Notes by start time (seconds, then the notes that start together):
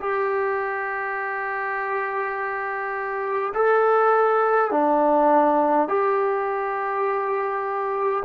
0.00 G4
3.54 A4
4.71 D4
5.88 G4